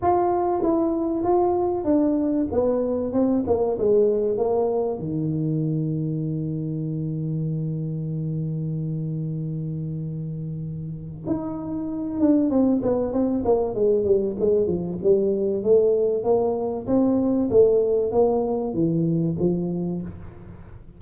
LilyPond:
\new Staff \with { instrumentName = "tuba" } { \time 4/4 \tempo 4 = 96 f'4 e'4 f'4 d'4 | b4 c'8 ais8 gis4 ais4 | dis1~ | dis1~ |
dis2 dis'4. d'8 | c'8 b8 c'8 ais8 gis8 g8 gis8 f8 | g4 a4 ais4 c'4 | a4 ais4 e4 f4 | }